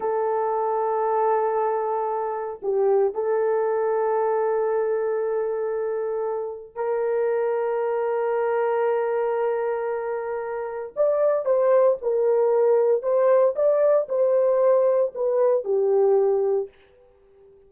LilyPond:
\new Staff \with { instrumentName = "horn" } { \time 4/4 \tempo 4 = 115 a'1~ | a'4 g'4 a'2~ | a'1~ | a'4 ais'2.~ |
ais'1~ | ais'4 d''4 c''4 ais'4~ | ais'4 c''4 d''4 c''4~ | c''4 b'4 g'2 | }